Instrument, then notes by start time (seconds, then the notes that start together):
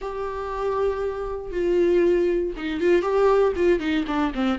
viola
0.01 G4
1.51 F4
2.57 D#4
2.80 F4
3.02 G4
3.56 F4
3.79 D#4
4.07 D4
4.34 C4